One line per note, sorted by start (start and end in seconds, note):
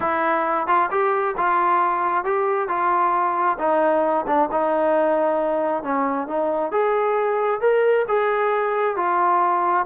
0.00 0.67 E4
0.67 0.89 F4
0.90 1.35 G4
1.37 2.24 F4
2.24 2.68 G4
2.68 3.57 F4
3.58 4.25 D#4
4.26 4.49 D4
4.51 5.83 D#4
5.83 6.27 C#4
6.27 6.71 D#4
6.71 7.60 G#4
7.60 8.05 A#4
8.08 8.96 G#4
8.96 9.86 F4